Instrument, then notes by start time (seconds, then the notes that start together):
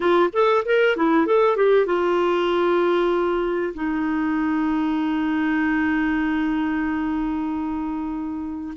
clarinet
0.00 F4
0.33 A4
0.65 A#4
0.96 E4
1.26 A4
1.56 G4
1.86 F4
3.74 D#4